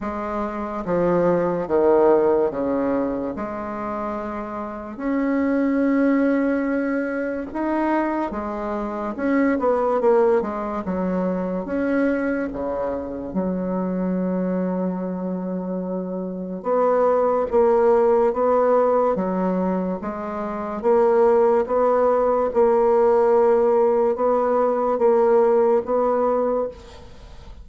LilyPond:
\new Staff \with { instrumentName = "bassoon" } { \time 4/4 \tempo 4 = 72 gis4 f4 dis4 cis4 | gis2 cis'2~ | cis'4 dis'4 gis4 cis'8 b8 | ais8 gis8 fis4 cis'4 cis4 |
fis1 | b4 ais4 b4 fis4 | gis4 ais4 b4 ais4~ | ais4 b4 ais4 b4 | }